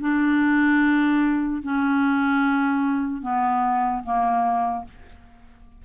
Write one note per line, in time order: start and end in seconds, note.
0.00 1.62 D4
1.63 3.22 C#4
3.22 4.03 B3
4.04 4.85 A#3